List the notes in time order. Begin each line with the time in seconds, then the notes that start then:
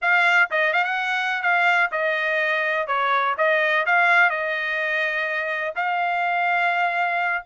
0.01 F5
0.51 D#5
0.73 F5
0.84 F#5
1.42 F5
1.91 D#5
2.87 C#5
3.37 D#5
3.86 F5
4.30 D#5
5.75 F5